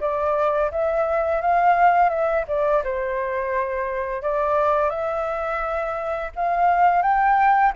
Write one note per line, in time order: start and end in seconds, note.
0.00 0.71 D5
0.71 1.41 E5
1.41 2.09 F5
2.09 2.44 E5
2.48 2.83 D5
2.84 4.22 C5
4.22 4.90 D5
4.90 6.31 E5
6.36 7.02 F5
7.02 7.72 G5